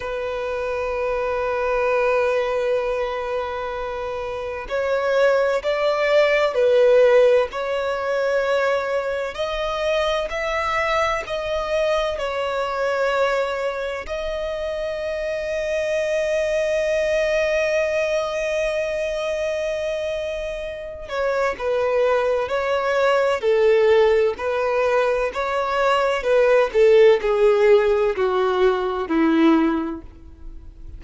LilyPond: \new Staff \with { instrumentName = "violin" } { \time 4/4 \tempo 4 = 64 b'1~ | b'4 cis''4 d''4 b'4 | cis''2 dis''4 e''4 | dis''4 cis''2 dis''4~ |
dis''1~ | dis''2~ dis''8 cis''8 b'4 | cis''4 a'4 b'4 cis''4 | b'8 a'8 gis'4 fis'4 e'4 | }